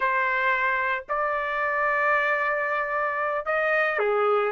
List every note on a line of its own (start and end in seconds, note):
0.00 1.05 C5
1.08 3.45 D5
3.45 3.98 D#5
3.98 4.51 G#4